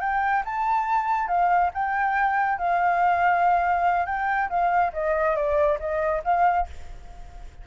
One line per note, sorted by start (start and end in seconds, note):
0.00 0.43 G5
0.45 1.28 A5
1.28 1.71 F5
1.74 2.58 G5
2.58 4.06 F5
4.06 4.49 G5
4.49 4.92 F5
4.93 5.36 D#5
5.36 5.79 D5
5.80 6.23 D#5
6.24 6.67 F5